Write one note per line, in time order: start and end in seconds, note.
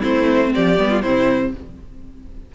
0.00 0.54 A3
0.00 0.75 C4
0.00 0.50 E4
0.00 0.53 C5
0.55 0.78 F3
0.55 0.90 G4
0.55 1.02 D5
0.78 1.03 G3
0.78 1.03 B3
0.90 1.02 F4
1.02 1.55 C3
1.02 1.54 C4
1.02 1.52 E4
1.02 1.52 C5